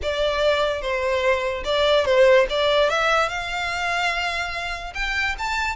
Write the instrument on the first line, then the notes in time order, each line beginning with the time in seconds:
violin
0.02 D5
0.81 C5
1.64 D5
2.05 C5
2.49 D5
2.89 E5
3.29 F5
4.94 G5
5.38 A5